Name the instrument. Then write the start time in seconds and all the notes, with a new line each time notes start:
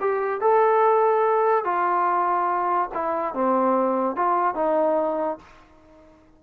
trombone
0.00 G4
0.40 A4
1.64 F4
2.93 E4
3.34 C4
4.16 F4
4.55 D#4